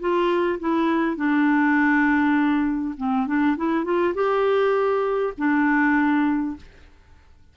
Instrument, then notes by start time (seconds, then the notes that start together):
clarinet
0.00 F4
0.59 E4
1.16 D4
2.97 C4
3.27 D4
3.57 E4
3.85 F4
4.14 G4
5.38 D4